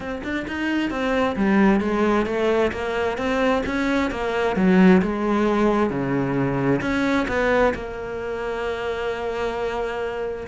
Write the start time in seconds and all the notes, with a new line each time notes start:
0.00 C4
0.23 D4
0.47 D#4
0.90 C4
1.35 G3
1.80 G#3
2.26 A3
2.72 A#3
3.17 C4
3.66 C#4
4.10 A#3
4.56 F#3
5.01 G#3
5.89 C#3
6.81 C#4
7.28 B3
7.74 A#3